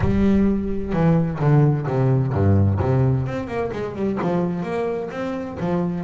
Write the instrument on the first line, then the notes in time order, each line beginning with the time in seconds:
double bass
0.00 G3
0.92 E3
1.40 D3
1.87 C3
2.32 G2
2.80 C3
3.26 C4
3.47 A#3
3.72 G#3
3.95 G3
4.21 F3
4.63 A#3
5.11 C4
5.59 F3